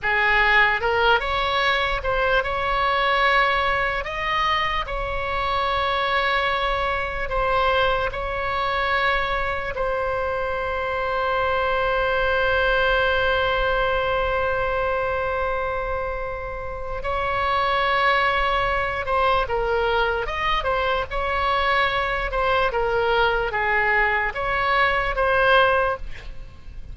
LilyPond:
\new Staff \with { instrumentName = "oboe" } { \time 4/4 \tempo 4 = 74 gis'4 ais'8 cis''4 c''8 cis''4~ | cis''4 dis''4 cis''2~ | cis''4 c''4 cis''2 | c''1~ |
c''1~ | c''4 cis''2~ cis''8 c''8 | ais'4 dis''8 c''8 cis''4. c''8 | ais'4 gis'4 cis''4 c''4 | }